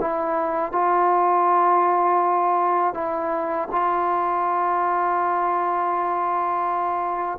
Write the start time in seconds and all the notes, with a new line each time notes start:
0.00 E4
0.72 F4
2.94 E4
3.71 F4